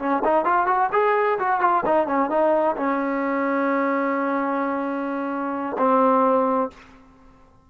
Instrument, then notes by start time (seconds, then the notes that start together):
trombone
0.00 C#4
0.25 D#4
0.46 F4
0.67 F#4
0.93 G#4
1.40 F#4
1.61 F4
1.86 D#4
2.07 C#4
2.30 D#4
2.77 C#4
5.79 C4